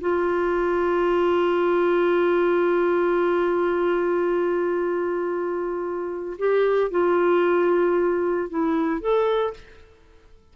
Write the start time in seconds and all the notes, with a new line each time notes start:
0.00 F4
6.38 G4
6.91 F4
8.50 E4
9.00 A4